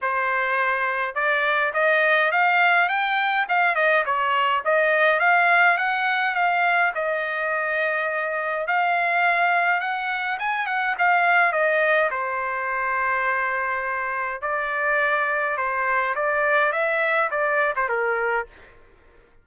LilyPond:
\new Staff \with { instrumentName = "trumpet" } { \time 4/4 \tempo 4 = 104 c''2 d''4 dis''4 | f''4 g''4 f''8 dis''8 cis''4 | dis''4 f''4 fis''4 f''4 | dis''2. f''4~ |
f''4 fis''4 gis''8 fis''8 f''4 | dis''4 c''2.~ | c''4 d''2 c''4 | d''4 e''4 d''8. c''16 ais'4 | }